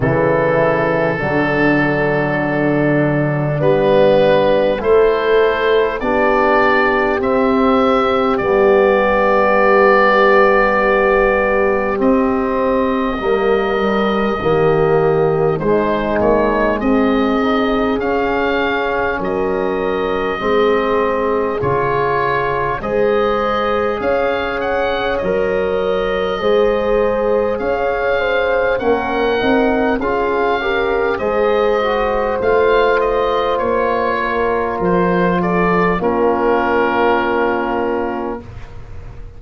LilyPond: <<
  \new Staff \with { instrumentName = "oboe" } { \time 4/4 \tempo 4 = 50 a'2. b'4 | c''4 d''4 e''4 d''4~ | d''2 dis''2~ | dis''4 c''8 cis''8 dis''4 f''4 |
dis''2 cis''4 dis''4 | f''8 fis''8 dis''2 f''4 | fis''4 f''4 dis''4 f''8 dis''8 | cis''4 c''8 d''8 ais'2 | }
  \new Staff \with { instrumentName = "horn" } { \time 4/4 e'4 d'2. | a'4 g'2.~ | g'2. ais'4 | g'4 dis'4 gis'2 |
ais'4 gis'2 c''4 | cis''2 c''4 cis''8 c''8 | ais'4 gis'8 ais'8 c''2~ | c''8 ais'4 a'8 f'2 | }
  \new Staff \with { instrumentName = "trombone" } { \time 4/4 e4 fis2 b4 | e'4 d'4 c'4 b4~ | b2 c'4 ais8 g8 | ais4 gis4. dis'8 cis'4~ |
cis'4 c'4 f'4 gis'4~ | gis'4 ais'4 gis'2 | cis'8 dis'8 f'8 g'8 gis'8 fis'8 f'4~ | f'2 cis'2 | }
  \new Staff \with { instrumentName = "tuba" } { \time 4/4 cis4 d2 g4 | a4 b4 c'4 g4~ | g2 c'4 g4 | dis4 gis8 ais8 c'4 cis'4 |
fis4 gis4 cis4 gis4 | cis'4 fis4 gis4 cis'4 | ais8 c'8 cis'4 gis4 a4 | ais4 f4 ais2 | }
>>